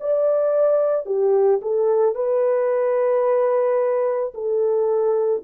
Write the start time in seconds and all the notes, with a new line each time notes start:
0.00 D5
1.06 G4
1.62 A4
2.15 B4
4.34 A4